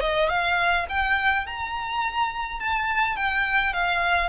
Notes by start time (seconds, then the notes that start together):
0.00 D#5
0.29 F5
0.89 G5
1.46 A#5
2.59 A5
3.16 G5
3.73 F5